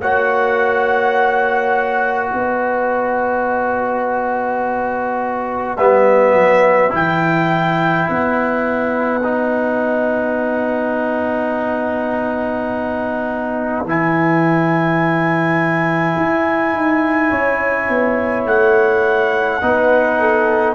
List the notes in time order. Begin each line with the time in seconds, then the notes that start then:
0.00 A#3 F#4 C#5 F#5
2.31 B3 B4 D#5
5.77 G3 B3 E5
6.34 F#3
6.90 E3 E4 G5
8.09 B3 F#5
9.24 D#4
13.85 E3 E4 G#5
16.16 E4
16.73 D#4
17.30 C#4 C#5
17.89 B3
18.46 A3 F#5
19.62 B3 D#4 B4
20.20 A4